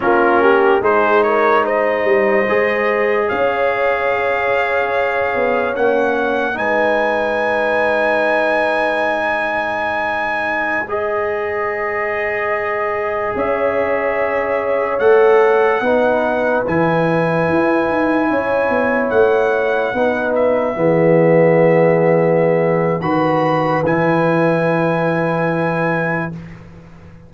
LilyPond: <<
  \new Staff \with { instrumentName = "trumpet" } { \time 4/4 \tempo 4 = 73 ais'4 c''8 cis''8 dis''2 | f''2. fis''4 | gis''1~ | gis''4~ gis''16 dis''2~ dis''8.~ |
dis''16 e''2 fis''4.~ fis''16~ | fis''16 gis''2. fis''8.~ | fis''8. e''2.~ e''16 | b''4 gis''2. | }
  \new Staff \with { instrumentName = "horn" } { \time 4/4 f'8 g'8 gis'8 ais'8 c''2 | cis''1 | b'2.~ b'16 c''8.~ | c''1~ |
c''16 cis''2. b'8.~ | b'2~ b'16 cis''4.~ cis''16~ | cis''16 b'4 gis'2~ gis'8. | b'1 | }
  \new Staff \with { instrumentName = "trombone" } { \time 4/4 cis'4 dis'2 gis'4~ | gis'2. cis'4 | dis'1~ | dis'4~ dis'16 gis'2~ gis'8.~ |
gis'2~ gis'16 a'4 dis'8.~ | dis'16 e'2.~ e'8.~ | e'16 dis'4 b2~ b8. | fis'4 e'2. | }
  \new Staff \with { instrumentName = "tuba" } { \time 4/4 ais4 gis4. g8 gis4 | cis'2~ cis'8 b8 ais4 | gis1~ | gis1~ |
gis16 cis'2 a4 b8.~ | b16 e4 e'8 dis'8 cis'8 b8 a8.~ | a16 b4 e2~ e8. | dis4 e2. | }
>>